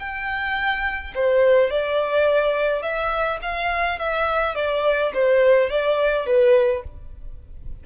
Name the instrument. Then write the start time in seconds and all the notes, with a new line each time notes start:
violin
0.00 G5
1.16 C5
1.71 D5
2.83 E5
3.42 F5
3.99 E5
4.56 D5
5.14 C5
5.70 D5
6.27 B4